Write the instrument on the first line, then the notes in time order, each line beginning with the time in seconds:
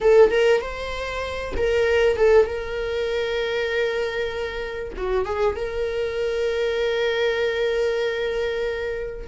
viola
0.01 A4
0.30 A#4
0.61 C5
1.56 A#4
2.16 A4
2.46 A#4
4.96 F#4
5.25 G#4
5.56 A#4